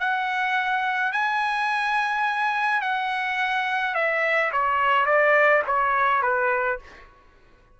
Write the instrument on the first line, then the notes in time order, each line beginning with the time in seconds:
trumpet
0.00 F#5
1.12 G#5
2.81 F#5
3.95 E5
4.52 C#5
5.06 D5
5.67 C#5
6.22 B4